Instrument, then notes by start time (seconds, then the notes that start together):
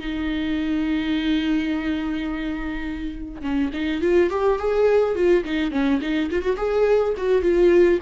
viola
0.00 D#4
3.42 C#4
3.74 D#4
4.02 F4
4.30 G4
4.59 G#4
5.16 F4
5.45 D#4
5.72 C#4
6.02 D#4
6.31 F4
6.42 F#4
6.57 G#4
7.18 F#4
7.42 F4